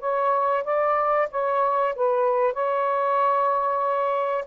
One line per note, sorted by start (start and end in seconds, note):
0.00 0.64 C#5
0.64 1.28 D5
1.31 1.95 C#5
1.96 2.53 B4
2.53 4.45 C#5